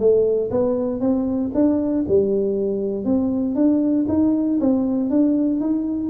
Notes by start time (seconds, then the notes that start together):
0.00 A3
0.51 B3
1.01 C4
1.55 D4
2.08 G3
3.05 C4
3.55 D4
4.09 D#4
4.60 C4
5.10 D4
5.61 D#4